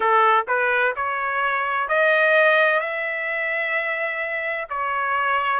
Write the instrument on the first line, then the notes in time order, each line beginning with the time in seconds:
trumpet
0.00 A4
0.47 B4
0.96 C#5
1.88 D#5
2.80 E5
4.69 C#5